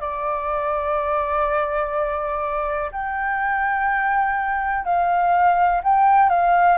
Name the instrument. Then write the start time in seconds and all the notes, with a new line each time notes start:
flute
0.00 D5
2.92 G5
4.84 F5
5.83 G5
6.29 F5